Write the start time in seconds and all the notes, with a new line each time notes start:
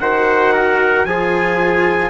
0.00 D#3 F#4 C5 F#5
0.53 A#4
1.05 F3 F4 G#4 G#5